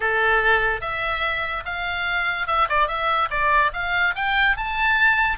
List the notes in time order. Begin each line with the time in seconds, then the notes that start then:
0.00 A4
0.81 E5
1.65 F5
2.47 E5
2.69 D5
2.87 E5
3.30 D5
3.73 F5
4.15 G5
4.56 A5